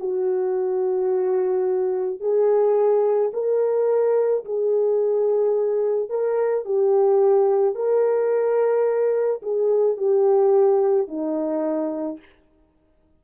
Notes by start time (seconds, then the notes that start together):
0.00 F#4
2.21 G#4
3.34 A#4
4.45 G#4
6.10 A#4
6.65 G4
7.75 A#4
9.42 G#4
9.97 G4
11.08 D#4